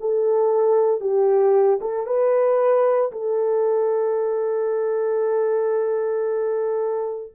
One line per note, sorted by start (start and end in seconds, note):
0.00 1.00 A4
1.00 1.79 G4
1.81 2.06 A4
2.06 3.11 B4
3.11 7.33 A4